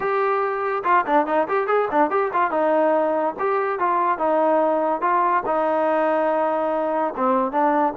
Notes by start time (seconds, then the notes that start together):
0.00 G4
0.84 F4
1.06 D4
1.26 D#4
1.48 G4
1.67 G#4
1.91 D4
2.10 G4
2.33 F4
2.51 D#4
3.39 G4
3.79 F4
4.18 D#4
5.01 F4
5.46 D#4
7.16 C4
7.51 D4